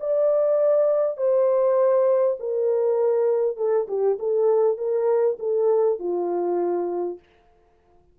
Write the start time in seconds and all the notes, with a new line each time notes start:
0.00 D5
1.17 C5
2.40 A#4
3.57 A4
3.88 G4
4.19 A4
4.77 A#4
5.39 A4
5.99 F4